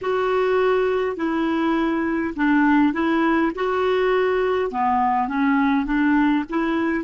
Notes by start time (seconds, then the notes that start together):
0.01 F#4
1.16 E4
2.36 D4
2.93 E4
3.55 F#4
4.71 B3
5.28 C#4
5.85 D4
6.49 E4